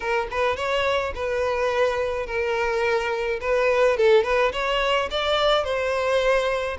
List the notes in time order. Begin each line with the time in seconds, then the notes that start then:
0.00 A#4
0.31 B4
0.56 C#5
1.14 B4
2.26 A#4
3.40 B4
3.97 A4
4.23 B4
4.52 C#5
5.10 D5
5.64 C5